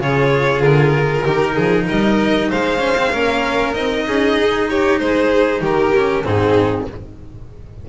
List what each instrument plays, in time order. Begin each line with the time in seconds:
0.00 double bass C#3, cello F4, violin G#4 C#5
0.61 double bass D3, violin A#4
1.24 double bass D#3, cello D#4, violin G4
1.55 double bass F3, violin G#4
1.86 double bass G3, violin A#4 D#5
2.50 double bass G#3, violin C5 F5
2.79 cello C#4
2.98 cello C4
3.12 double bass A#3, cello C#4, violin A#4
3.73 double bass C4, cello D#4, violin D#5
4.08 double bass C#4, violin G#4
4.38 double bass D#4
4.70 violin G4 C#5
4.99 double bass G#3, violin G#4 C5
5.62 double bass D#3, violin G4 A#4
5.95 cello C#4
6.24 double bass G#2, cello C4, violin D#4 G#4